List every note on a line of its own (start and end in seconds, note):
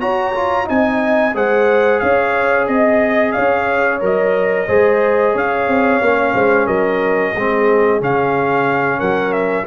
0.00 0.33 F#4
0.00 0.69 F#4
0.00 0.67 C#5
0.00 0.67 A#5
0.35 0.64 F4
0.64 1.35 C4
0.64 1.31 D#4
0.64 1.35 D#5
0.64 1.36 G#5
1.35 2.01 G#3
1.35 4.00 G#4
1.35 2.02 C5
1.35 1.99 F#5
1.99 2.68 C#4
1.99 2.68 C#5
1.99 2.66 F5
2.67 3.35 C4
2.67 3.32 D#5
2.67 3.35 D#5
3.32 4.02 C#4
3.32 4.67 C#5
3.32 3.99 F5
4.00 4.68 F#3
4.00 4.67 A#4
4.00 5.37 D#5
4.67 5.35 G#3
4.67 6.01 G#4
4.67 5.33 C5
5.33 5.68 C#4
5.33 6.33 C#5
5.33 6.67 F5
5.68 6.01 C4
6.01 6.35 A#3
6.01 7.35 C#4
6.33 6.67 G#3
6.33 6.66 C5
6.66 7.34 F#3
6.66 7.33 A#4
6.66 8.00 D#5
7.35 8.01 G#3
7.35 8.00 C4
7.35 8.99 G#4
8.00 9.01 C#3
8.00 9.67 C#4
8.00 9.00 F5
8.99 9.67 F#3
8.99 9.65 A#4
8.99 9.32 F#5
9.32 9.66 E5